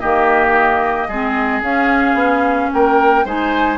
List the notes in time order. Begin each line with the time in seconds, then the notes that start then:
0.00 D#3 A#3 G4 D#5
1.08 G#3 C4 G#4
1.62 C#4 F5
2.14 B3
2.73 A#3 A#4 G5
3.25 G#3 D#4 C5 G#5